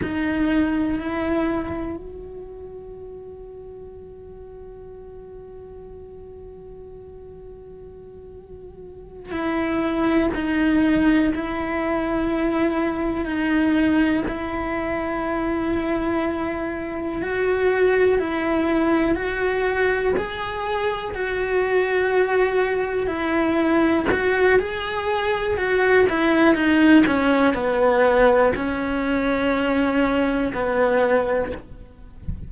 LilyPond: \new Staff \with { instrumentName = "cello" } { \time 4/4 \tempo 4 = 61 dis'4 e'4 fis'2~ | fis'1~ | fis'4. e'4 dis'4 e'8~ | e'4. dis'4 e'4.~ |
e'4. fis'4 e'4 fis'8~ | fis'8 gis'4 fis'2 e'8~ | e'8 fis'8 gis'4 fis'8 e'8 dis'8 cis'8 | b4 cis'2 b4 | }